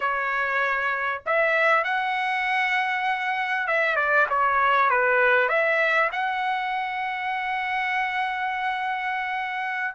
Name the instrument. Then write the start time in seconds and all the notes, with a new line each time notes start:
trumpet
0.00 C#5
1.26 E5
1.83 F#5
3.67 E5
3.95 D5
4.29 C#5
4.90 B4
5.49 E5
6.12 F#5